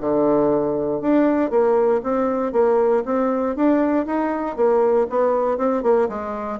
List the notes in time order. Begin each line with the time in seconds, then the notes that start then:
0.00 D3
1.01 D4
1.50 A#3
2.03 C4
2.52 A#3
3.05 C4
3.55 D4
4.06 D#4
4.56 A#3
5.09 B3
5.57 C4
5.82 A#3
6.09 G#3